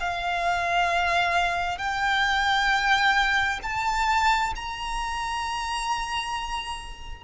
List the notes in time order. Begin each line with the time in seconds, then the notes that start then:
0.00 F5
1.78 G5
3.63 A5
4.55 A#5